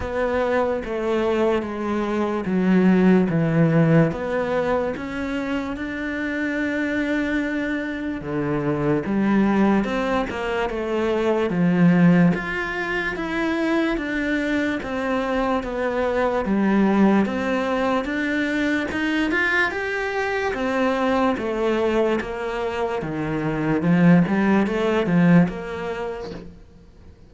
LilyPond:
\new Staff \with { instrumentName = "cello" } { \time 4/4 \tempo 4 = 73 b4 a4 gis4 fis4 | e4 b4 cis'4 d'4~ | d'2 d4 g4 | c'8 ais8 a4 f4 f'4 |
e'4 d'4 c'4 b4 | g4 c'4 d'4 dis'8 f'8 | g'4 c'4 a4 ais4 | dis4 f8 g8 a8 f8 ais4 | }